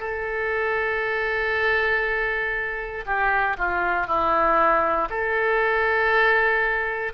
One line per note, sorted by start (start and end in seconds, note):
0.00 3.05 A4
3.06 3.57 G4
3.58 4.07 F4
4.07 5.09 E4
5.10 7.13 A4